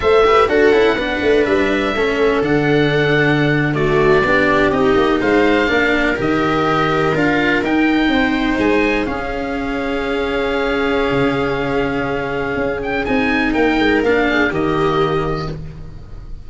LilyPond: <<
  \new Staff \with { instrumentName = "oboe" } { \time 4/4 \tempo 4 = 124 e''4 fis''2 e''4~ | e''4 fis''2~ fis''8. d''16~ | d''4.~ d''16 dis''4 f''4~ f''16~ | f''8. dis''2 f''4 g''16~ |
g''4.~ g''16 gis''4 f''4~ f''16~ | f''1~ | f''2~ f''8 g''8 gis''4 | g''4 f''4 dis''2 | }
  \new Staff \with { instrumentName = "viola" } { \time 4/4 c''8 b'8 a'4 b'2 | a'2.~ a'8. fis'16~ | fis'8. g'2 c''4 ais'16~ | ais'1~ |
ais'8. c''2 gis'4~ gis'16~ | gis'1~ | gis'1 | ais'4. gis'8 g'2 | }
  \new Staff \with { instrumentName = "cello" } { \time 4/4 a'8 g'8 fis'8 e'8 d'2 | cis'4 d'2~ d'8. a16~ | a8. d'4 dis'2 d'16~ | d'8. g'2 f'4 dis'16~ |
dis'2~ dis'8. cis'4~ cis'16~ | cis'1~ | cis'2. dis'4~ | dis'4 d'4 ais2 | }
  \new Staff \with { instrumentName = "tuba" } { \time 4/4 a4 d'8 cis'8 b8 a8 g4 | a4 d2.~ | d8. b4 c'8 ais8 gis4 ais16~ | ais8. dis2 d'4 dis'16~ |
dis'8. c'4 gis4 cis'4~ cis'16~ | cis'2. cis4~ | cis2 cis'4 c'4 | ais8 gis8 ais4 dis2 | }
>>